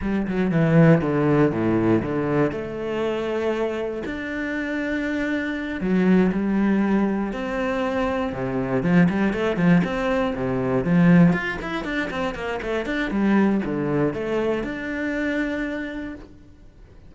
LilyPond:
\new Staff \with { instrumentName = "cello" } { \time 4/4 \tempo 4 = 119 g8 fis8 e4 d4 a,4 | d4 a2. | d'2.~ d'8 fis8~ | fis8 g2 c'4.~ |
c'8 c4 f8 g8 a8 f8 c'8~ | c'8 c4 f4 f'8 e'8 d'8 | c'8 ais8 a8 d'8 g4 d4 | a4 d'2. | }